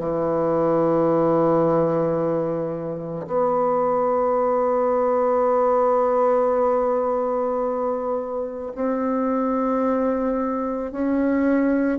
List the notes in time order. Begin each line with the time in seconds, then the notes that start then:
0.00 E3
3.28 B3
8.76 C4
10.92 C#4